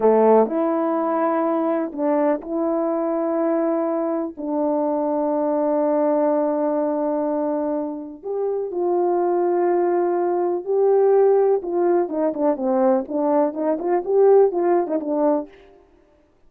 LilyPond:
\new Staff \with { instrumentName = "horn" } { \time 4/4 \tempo 4 = 124 a4 e'2. | d'4 e'2.~ | e'4 d'2.~ | d'1~ |
d'4 g'4 f'2~ | f'2 g'2 | f'4 dis'8 d'8 c'4 d'4 | dis'8 f'8 g'4 f'8. dis'16 d'4 | }